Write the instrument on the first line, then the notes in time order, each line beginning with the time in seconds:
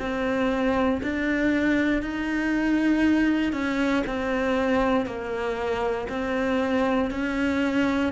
cello
0.00 C4
1.03 D4
2.02 D#4
3.53 C#4
4.07 C4
5.06 A#3
6.09 C4
7.11 C#4